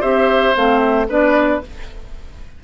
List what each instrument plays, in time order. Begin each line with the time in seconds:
0.00 bassoon C4, clarinet G4, oboe C5, flute E5
0.55 bassoon A3, clarinet C4, flute F5
0.79 flute E5
1.08 bassoon B3, clarinet D4, oboe B4, flute D5